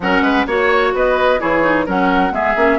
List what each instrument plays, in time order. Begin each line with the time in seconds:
0.00 bassoon F#3, clarinet C#4, oboe A#4, flute F#5
0.21 bassoon G#3, oboe B4
0.46 bassoon A#3, clarinet F#4, oboe C#5, flute C#5
0.93 bassoon B3, oboe B4, flute D#5
1.39 bassoon E3, clarinet E4, oboe G#4, flute C#5
1.62 clarinet D#4
1.85 bassoon F#3, clarinet C#4, oboe A#4, flute F#5
2.31 bassoon G#3, clarinet B3, oboe G#4, flute E5
2.56 bassoon A#3, clarinet C#4